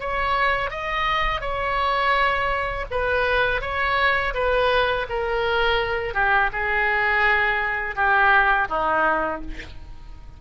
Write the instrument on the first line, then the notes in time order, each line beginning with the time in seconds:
oboe
0.00 C#5
0.70 D#5
1.41 C#5
2.91 B4
3.61 C#5
4.34 B4
5.09 A#4
6.14 G4
6.52 G#4
7.96 G4
8.69 D#4